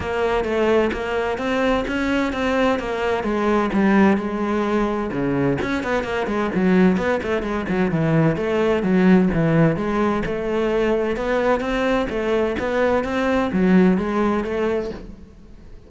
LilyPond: \new Staff \with { instrumentName = "cello" } { \time 4/4 \tempo 4 = 129 ais4 a4 ais4 c'4 | cis'4 c'4 ais4 gis4 | g4 gis2 cis4 | cis'8 b8 ais8 gis8 fis4 b8 a8 |
gis8 fis8 e4 a4 fis4 | e4 gis4 a2 | b4 c'4 a4 b4 | c'4 fis4 gis4 a4 | }